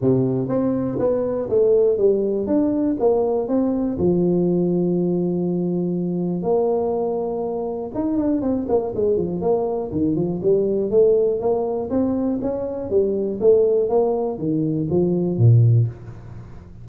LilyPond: \new Staff \with { instrumentName = "tuba" } { \time 4/4 \tempo 4 = 121 c4 c'4 b4 a4 | g4 d'4 ais4 c'4 | f1~ | f4 ais2. |
dis'8 d'8 c'8 ais8 gis8 f8 ais4 | dis8 f8 g4 a4 ais4 | c'4 cis'4 g4 a4 | ais4 dis4 f4 ais,4 | }